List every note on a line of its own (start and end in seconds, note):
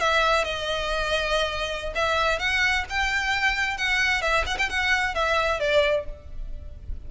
0.00 0.44 E5
0.44 1.93 D#5
1.95 2.39 E5
2.39 2.85 F#5
2.89 3.77 G5
3.77 4.22 F#5
4.22 4.45 E5
4.46 4.58 F#5
4.58 4.69 G5
4.69 5.14 F#5
5.14 5.60 E5
5.60 6.05 D5